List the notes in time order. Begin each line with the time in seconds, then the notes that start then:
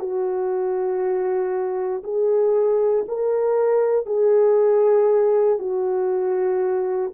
0.00 F#4
2.04 G#4
3.08 A#4
4.06 G#4
5.59 F#4